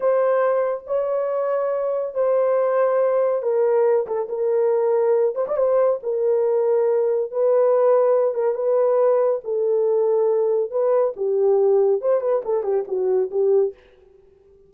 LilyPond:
\new Staff \with { instrumentName = "horn" } { \time 4/4 \tempo 4 = 140 c''2 cis''2~ | cis''4 c''2. | ais'4. a'8 ais'2~ | ais'8 c''16 d''16 c''4 ais'2~ |
ais'4 b'2~ b'8 ais'8 | b'2 a'2~ | a'4 b'4 g'2 | c''8 b'8 a'8 g'8 fis'4 g'4 | }